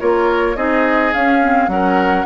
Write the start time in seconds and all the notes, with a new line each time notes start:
0.00 A#3 F4 A#4 C#5
0.56 C4 D#4 G#4 D#5
1.14 C#4 F5
1.41 C4
1.68 F#3 C#4 A#4 F#5